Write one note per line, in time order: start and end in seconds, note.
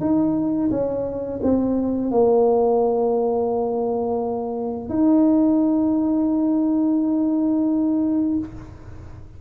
0.00 0.70 D#4
0.70 1.40 C#4
1.42 2.11 C4
2.11 4.89 A#3
4.89 8.38 D#4